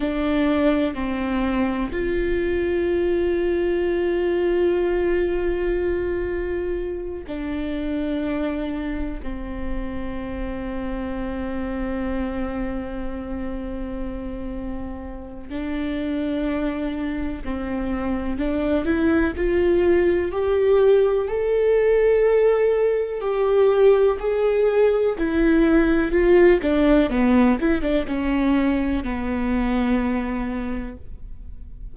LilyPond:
\new Staff \with { instrumentName = "viola" } { \time 4/4 \tempo 4 = 62 d'4 c'4 f'2~ | f'2.~ f'8 d'8~ | d'4. c'2~ c'8~ | c'1 |
d'2 c'4 d'8 e'8 | f'4 g'4 a'2 | g'4 gis'4 e'4 f'8 d'8 | b8 e'16 d'16 cis'4 b2 | }